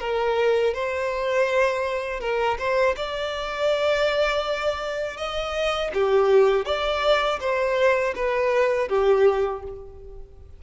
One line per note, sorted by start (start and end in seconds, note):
0.00 0.74 A#4
0.74 2.21 C5
2.21 2.58 A#4
2.59 2.96 C5
2.96 5.17 D5
5.17 5.91 D#5
5.94 6.66 G4
6.66 7.40 D5
7.40 8.14 C5
8.15 8.89 B4
8.89 9.63 G4